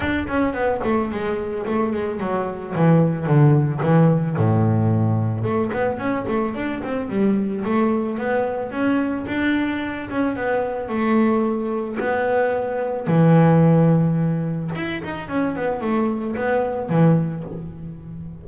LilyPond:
\new Staff \with { instrumentName = "double bass" } { \time 4/4 \tempo 4 = 110 d'8 cis'8 b8 a8 gis4 a8 gis8 | fis4 e4 d4 e4 | a,2 a8 b8 cis'8 a8 | d'8 c'8 g4 a4 b4 |
cis'4 d'4. cis'8 b4 | a2 b2 | e2. e'8 dis'8 | cis'8 b8 a4 b4 e4 | }